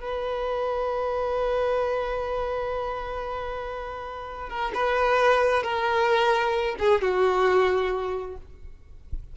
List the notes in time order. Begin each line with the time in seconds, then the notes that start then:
0.00 B4
4.49 A#4
4.74 B4
5.63 A#4
6.79 G#4
7.01 F#4